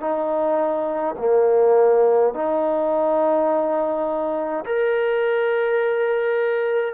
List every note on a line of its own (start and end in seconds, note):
0.00 1.15 D#4
1.19 2.34 A#3
2.34 4.65 D#4
4.66 6.94 A#4